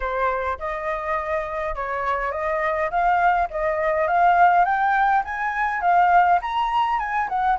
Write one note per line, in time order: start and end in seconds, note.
0.00 0.58 C5
0.58 1.75 D#5
1.75 2.31 C#5
2.31 2.89 D#5
2.90 3.48 F5
3.50 4.07 D#5
4.07 4.64 F5
4.64 5.23 G5
5.24 5.81 G#5
5.81 6.39 F5
6.41 6.99 A#5
6.99 7.28 G#5
7.28 7.58 F#5